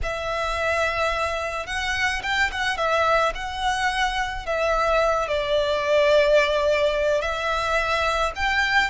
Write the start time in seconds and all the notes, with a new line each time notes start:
0.02 E5
1.66 F#5
2.22 G5
2.51 F#5
2.77 E5
3.35 F#5
4.45 E5
5.28 D5
7.21 E5
8.35 G5